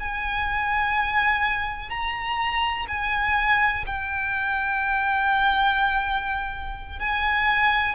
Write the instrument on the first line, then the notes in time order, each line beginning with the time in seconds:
violin
0.00 G#5
1.90 A#5
2.88 G#5
3.87 G5
6.99 G#5